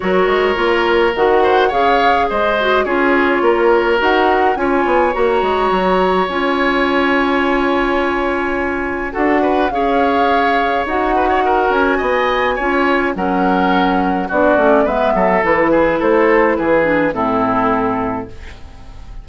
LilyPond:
<<
  \new Staff \with { instrumentName = "flute" } { \time 4/4 \tempo 4 = 105 cis''2 fis''4 f''4 | dis''4 cis''2 fis''4 | gis''4 ais''2 gis''4~ | gis''1 |
fis''4 f''2 fis''4~ | fis''8 gis''2~ gis''8 fis''4~ | fis''4 d''4 e''4 b'4 | c''4 b'4 a'2 | }
  \new Staff \with { instrumentName = "oboe" } { \time 4/4 ais'2~ ais'8 c''8 cis''4 | c''4 gis'4 ais'2 | cis''1~ | cis''1 |
a'8 b'8 cis''2~ cis''8 b'16 cis''16 | ais'4 dis''4 cis''4 ais'4~ | ais'4 fis'4 b'8 a'4 gis'8 | a'4 gis'4 e'2 | }
  \new Staff \with { instrumentName = "clarinet" } { \time 4/4 fis'4 f'4 fis'4 gis'4~ | gis'8 fis'8 f'2 fis'4 | f'4 fis'2 f'4~ | f'1 |
fis'4 gis'2 fis'4~ | fis'2 f'4 cis'4~ | cis'4 d'8 cis'8 b4 e'4~ | e'4. d'8 c'2 | }
  \new Staff \with { instrumentName = "bassoon" } { \time 4/4 fis8 gis8 ais4 dis4 cis4 | gis4 cis'4 ais4 dis'4 | cis'8 b8 ais8 gis8 fis4 cis'4~ | cis'1 |
d'4 cis'2 dis'4~ | dis'8 cis'8 b4 cis'4 fis4~ | fis4 b8 a8 gis8 fis8 e4 | a4 e4 a,2 | }
>>